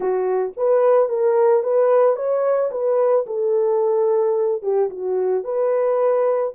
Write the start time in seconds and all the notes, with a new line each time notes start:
0.00 F#4
0.57 B4
1.08 A#4
1.63 B4
2.15 C#5
2.71 B4
3.26 A4
4.62 G4
4.90 F#4
5.44 B4